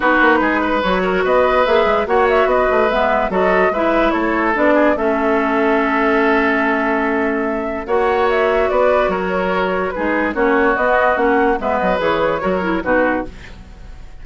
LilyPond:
<<
  \new Staff \with { instrumentName = "flute" } { \time 4/4 \tempo 4 = 145 b'2 cis''4 dis''4 | e''4 fis''8 e''8 dis''4 e''4 | dis''4 e''4 cis''4 d''4 | e''1~ |
e''2. fis''4 | e''4 d''4 cis''2 | b'4 cis''4 dis''4 fis''4 | e''8 dis''8 cis''2 b'4 | }
  \new Staff \with { instrumentName = "oboe" } { \time 4/4 fis'4 gis'8 b'4 ais'8 b'4~ | b'4 cis''4 b'2 | a'4 b'4 a'4. gis'8 | a'1~ |
a'2. cis''4~ | cis''4 b'4 ais'2 | gis'4 fis'2. | b'2 ais'4 fis'4 | }
  \new Staff \with { instrumentName = "clarinet" } { \time 4/4 dis'2 fis'2 | gis'4 fis'2 b4 | fis'4 e'2 d'4 | cis'1~ |
cis'2. fis'4~ | fis'1 | dis'4 cis'4 b4 cis'4 | b4 gis'4 fis'8 e'8 dis'4 | }
  \new Staff \with { instrumentName = "bassoon" } { \time 4/4 b8 ais8 gis4 fis4 b4 | ais8 gis8 ais4 b8 a8 gis4 | fis4 gis4 a4 b4 | a1~ |
a2. ais4~ | ais4 b4 fis2 | gis4 ais4 b4 ais4 | gis8 fis8 e4 fis4 b,4 | }
>>